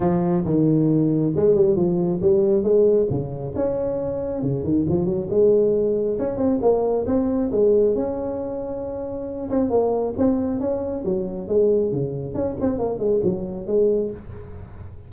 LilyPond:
\new Staff \with { instrumentName = "tuba" } { \time 4/4 \tempo 4 = 136 f4 dis2 gis8 g8 | f4 g4 gis4 cis4 | cis'2 cis8 dis8 f8 fis8 | gis2 cis'8 c'8 ais4 |
c'4 gis4 cis'2~ | cis'4. c'8 ais4 c'4 | cis'4 fis4 gis4 cis4 | cis'8 c'8 ais8 gis8 fis4 gis4 | }